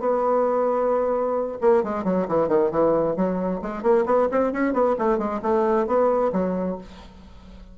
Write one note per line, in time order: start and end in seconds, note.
0.00 1.58 B3
1.61 1.84 A#3
1.84 2.05 G#3
2.05 2.27 F#3
2.28 2.49 E3
2.49 2.71 D#3
2.71 3.17 E3
3.17 3.62 F#3
3.62 3.83 G#3
3.83 4.05 A#3
4.06 4.29 B3
4.32 4.53 C4
4.53 4.74 C#4
4.74 4.96 B3
4.99 5.18 A3
5.18 5.41 G#3
5.42 5.87 A3
5.87 6.32 B3
6.33 6.78 F#3